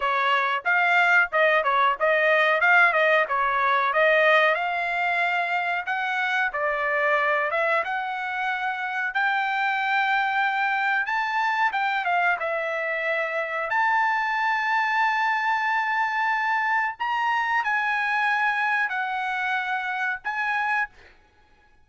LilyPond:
\new Staff \with { instrumentName = "trumpet" } { \time 4/4 \tempo 4 = 92 cis''4 f''4 dis''8 cis''8 dis''4 | f''8 dis''8 cis''4 dis''4 f''4~ | f''4 fis''4 d''4. e''8 | fis''2 g''2~ |
g''4 a''4 g''8 f''8 e''4~ | e''4 a''2.~ | a''2 ais''4 gis''4~ | gis''4 fis''2 gis''4 | }